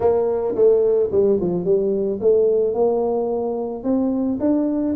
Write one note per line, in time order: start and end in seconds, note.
0.00 0.55 A#3
0.55 1.10 A3
1.11 1.39 G3
1.40 1.64 F3
1.64 2.19 G3
2.20 2.74 A3
2.74 3.83 A#3
3.83 4.38 C4
4.40 4.95 D4